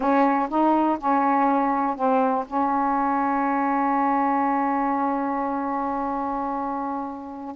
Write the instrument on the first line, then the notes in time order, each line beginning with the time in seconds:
saxophone
0.00 C#4
0.49 D#4
0.99 C#4
1.96 C4
2.46 C#4